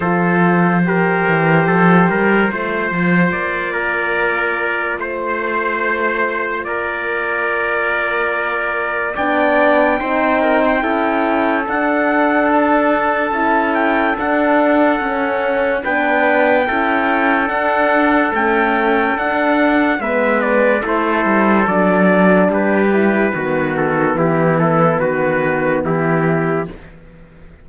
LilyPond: <<
  \new Staff \with { instrumentName = "trumpet" } { \time 4/4 \tempo 4 = 72 c''1 | d''2 c''2 | d''2. g''4~ | g''2 fis''4 a''4~ |
a''8 g''8 fis''2 g''4~ | g''4 fis''4 g''4 fis''4 | e''8 d''8 c''4 d''4 b'4~ | b'8 a'8 g'8 a'8 b'4 g'4 | }
  \new Staff \with { instrumentName = "trumpet" } { \time 4/4 a'4 ais'4 a'8 ais'8 c''4~ | c''8 ais'4. c''2 | ais'2. d''4 | c''8 ais'16 c''16 a'2.~ |
a'2. b'4 | a'1 | b'4 a'2 g'4 | fis'4 e'4 fis'4 e'4 | }
  \new Staff \with { instrumentName = "horn" } { \time 4/4 f'4 g'2 f'4~ | f'1~ | f'2. d'4 | dis'4 e'4 d'2 |
e'4 d'4 cis'4 d'4 | e'4 d'4 a4 d'4 | b4 e'4 d'4. e'8 | b1 | }
  \new Staff \with { instrumentName = "cello" } { \time 4/4 f4. e8 f8 g8 a8 f8 | ais2 a2 | ais2. b4 | c'4 cis'4 d'2 |
cis'4 d'4 cis'4 b4 | cis'4 d'4 cis'4 d'4 | gis4 a8 g8 fis4 g4 | dis4 e4 dis4 e4 | }
>>